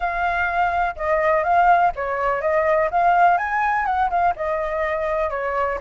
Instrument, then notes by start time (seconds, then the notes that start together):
flute
0.00 F5
0.96 D#5
1.43 F5
1.95 C#5
2.41 D#5
2.90 F5
3.37 G#5
3.85 F#5
4.10 F5
4.35 D#5
5.30 C#5